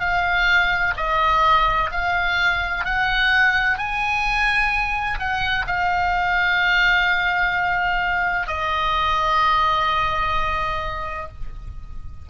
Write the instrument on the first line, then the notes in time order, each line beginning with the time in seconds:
oboe
0.00 F5
0.97 D#5
1.91 F5
2.85 F#5
3.78 G#5
5.19 F#5
5.67 F5
8.47 D#5